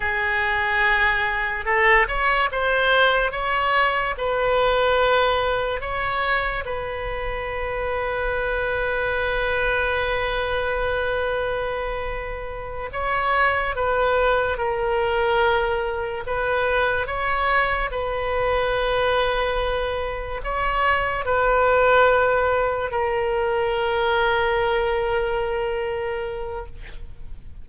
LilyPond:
\new Staff \with { instrumentName = "oboe" } { \time 4/4 \tempo 4 = 72 gis'2 a'8 cis''8 c''4 | cis''4 b'2 cis''4 | b'1~ | b'2.~ b'8 cis''8~ |
cis''8 b'4 ais'2 b'8~ | b'8 cis''4 b'2~ b'8~ | b'8 cis''4 b'2 ais'8~ | ais'1 | }